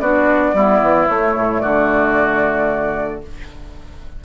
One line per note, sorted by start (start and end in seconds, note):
0.00 0.54 B3
0.00 0.55 D4
0.00 0.55 F#4
0.00 1.08 D5
0.54 0.81 G3
0.54 1.08 B3
0.54 1.62 E4
0.82 1.09 E3
1.08 3.23 A3
1.08 1.36 A3
1.08 1.61 C#5
1.36 1.63 A2
1.61 3.25 D3
1.61 3.23 F#4
1.61 3.21 D5